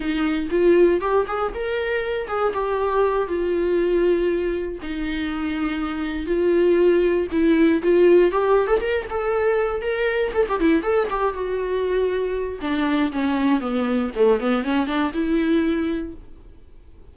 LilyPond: \new Staff \with { instrumentName = "viola" } { \time 4/4 \tempo 4 = 119 dis'4 f'4 g'8 gis'8 ais'4~ | ais'8 gis'8 g'4. f'4.~ | f'4. dis'2~ dis'8~ | dis'8 f'2 e'4 f'8~ |
f'8 g'8. a'16 ais'8 a'4. ais'8~ | ais'8 a'16 g'16 e'8 a'8 g'8 fis'4.~ | fis'4 d'4 cis'4 b4 | a8 b8 cis'8 d'8 e'2 | }